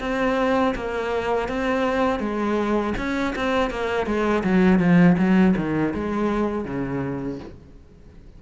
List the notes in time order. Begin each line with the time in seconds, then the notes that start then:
0.00 C4
0.75 A#3
1.48 C4
2.20 G#3
2.97 C#4
3.35 C4
3.70 A#3
4.06 G#3
4.43 F#3
4.79 F3
5.18 F#3
5.57 D#3
5.94 G#3
6.65 C#3